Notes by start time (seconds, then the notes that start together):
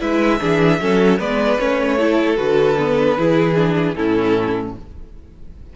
0.00 G#3 E4 B4 E5
0.40 E3 D4 G#4
0.80 F#3 C#4 A4
1.19 G#3 B3 B4 D5
1.59 A3 C#4 C#5
1.99 E4 A4
2.36 D3 F#4 B4
2.78 B3
3.17 E3 E4 G#4
3.55 D4
3.94 A2 C#4 E4 A4